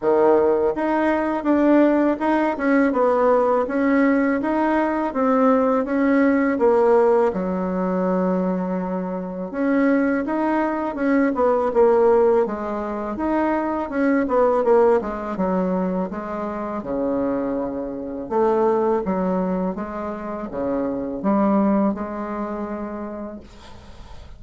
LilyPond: \new Staff \with { instrumentName = "bassoon" } { \time 4/4 \tempo 4 = 82 dis4 dis'4 d'4 dis'8 cis'8 | b4 cis'4 dis'4 c'4 | cis'4 ais4 fis2~ | fis4 cis'4 dis'4 cis'8 b8 |
ais4 gis4 dis'4 cis'8 b8 | ais8 gis8 fis4 gis4 cis4~ | cis4 a4 fis4 gis4 | cis4 g4 gis2 | }